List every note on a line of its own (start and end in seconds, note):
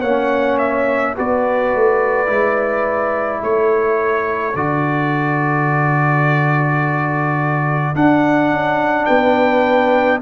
0.00 1.14 A#3
0.00 1.16 C#4
0.00 1.13 C#5
0.00 0.58 F#5
0.58 1.15 E5
1.16 1.74 B3
1.16 2.26 F#4
1.16 3.40 B4
1.16 3.43 D5
1.74 2.28 A3
2.26 3.42 G#3
2.26 4.53 E4
3.40 4.54 A3
3.40 9.06 A4
3.40 4.56 C#5
4.54 7.94 D3
4.54 7.95 F#4
4.54 7.95 D5
7.95 10.21 D4
7.95 8.50 D4
7.95 9.05 F#5
8.50 9.06 C#4
9.05 10.21 B3
9.05 10.20 B4
9.05 10.19 G5